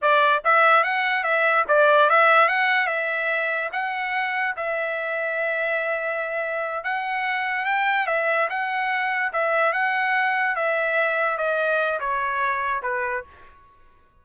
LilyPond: \new Staff \with { instrumentName = "trumpet" } { \time 4/4 \tempo 4 = 145 d''4 e''4 fis''4 e''4 | d''4 e''4 fis''4 e''4~ | e''4 fis''2 e''4~ | e''1~ |
e''8 fis''2 g''4 e''8~ | e''8 fis''2 e''4 fis''8~ | fis''4. e''2 dis''8~ | dis''4 cis''2 b'4 | }